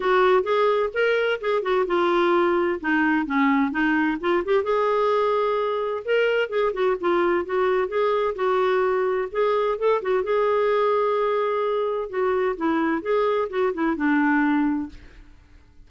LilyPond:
\new Staff \with { instrumentName = "clarinet" } { \time 4/4 \tempo 4 = 129 fis'4 gis'4 ais'4 gis'8 fis'8 | f'2 dis'4 cis'4 | dis'4 f'8 g'8 gis'2~ | gis'4 ais'4 gis'8 fis'8 f'4 |
fis'4 gis'4 fis'2 | gis'4 a'8 fis'8 gis'2~ | gis'2 fis'4 e'4 | gis'4 fis'8 e'8 d'2 | }